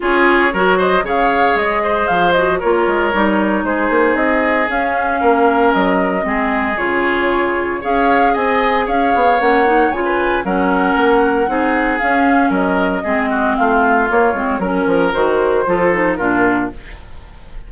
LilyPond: <<
  \new Staff \with { instrumentName = "flute" } { \time 4/4 \tempo 4 = 115 cis''4. dis''8 f''4 dis''4 | f''8 dis''8 cis''2 c''4 | dis''4 f''2 dis''4~ | dis''4 cis''2 f''4 |
gis''4 f''4 fis''4 gis''4 | fis''2. f''4 | dis''2 f''4 cis''4 | ais'4 c''2 ais'4 | }
  \new Staff \with { instrumentName = "oboe" } { \time 4/4 gis'4 ais'8 c''8 cis''4. c''8~ | c''4 ais'2 gis'4~ | gis'2 ais'2 | gis'2. cis''4 |
dis''4 cis''2~ cis''16 b'8. | ais'2 gis'2 | ais'4 gis'8 fis'8 f'2 | ais'2 a'4 f'4 | }
  \new Staff \with { instrumentName = "clarinet" } { \time 4/4 f'4 fis'4 gis'2~ | gis'8 fis'8 f'4 dis'2~ | dis'4 cis'2. | c'4 f'2 gis'4~ |
gis'2 cis'8 dis'8 f'4 | cis'2 dis'4 cis'4~ | cis'4 c'2 ais8 c'8 | cis'4 fis'4 f'8 dis'8 d'4 | }
  \new Staff \with { instrumentName = "bassoon" } { \time 4/4 cis'4 fis4 cis4 gis4 | f4 ais8 gis8 g4 gis8 ais8 | c'4 cis'4 ais4 fis4 | gis4 cis2 cis'4 |
c'4 cis'8 b8 ais4 cis4 | fis4 ais4 c'4 cis'4 | fis4 gis4 a4 ais8 gis8 | fis8 f8 dis4 f4 ais,4 | }
>>